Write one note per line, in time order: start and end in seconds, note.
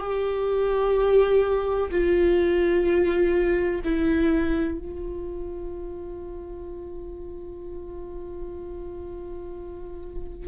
0.00 1.90 G4
1.91 3.82 F4
3.84 4.79 E4
4.79 10.48 F4